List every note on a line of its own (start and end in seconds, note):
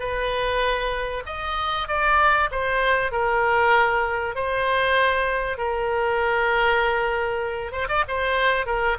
0.00 1.23 B4
1.27 1.88 D#5
1.88 2.50 D5
2.51 3.12 C5
3.12 4.36 A#4
4.36 5.58 C5
5.58 7.72 A#4
7.72 7.88 C5
7.89 8.04 D5
8.08 8.67 C5
8.67 8.97 A#4